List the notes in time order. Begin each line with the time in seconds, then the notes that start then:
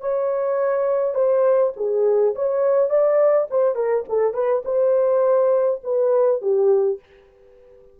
0.00 C#5
1.14 C5
1.76 G#4
2.35 C#5
2.89 D5
3.50 C5
3.75 A#4
4.09 A4
4.33 B4
4.64 C5
5.83 B4
6.41 G4